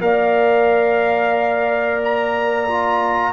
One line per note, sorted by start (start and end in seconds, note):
0.00 3.33 A#3
0.00 2.67 A#4
0.00 3.33 D5
0.00 2.01 F5
2.04 3.33 A#5
2.67 3.33 F4